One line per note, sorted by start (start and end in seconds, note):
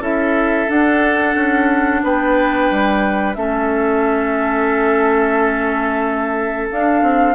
0.00 0.67 C#4
0.00 0.68 E4
0.00 2.01 A4
0.00 0.70 E5
0.68 3.34 D4
0.68 1.35 D4
0.68 2.03 F#5
1.35 2.02 C#4
2.03 2.70 B3
2.03 3.37 B4
2.03 3.34 G5
2.71 3.36 G3
3.34 6.69 A3
3.34 6.70 C#4
3.34 7.35 A4
3.34 6.67 E5
6.71 7.35 D4
6.71 7.02 D4
6.71 7.35 F5
7.02 7.35 C4